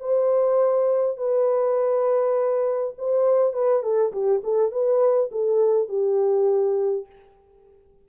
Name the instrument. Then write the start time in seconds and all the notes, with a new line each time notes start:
horn
0.00 C5
1.17 B4
2.98 C5
3.53 B4
3.83 A4
4.12 G4
4.44 A4
4.71 B4
5.32 A4
5.89 G4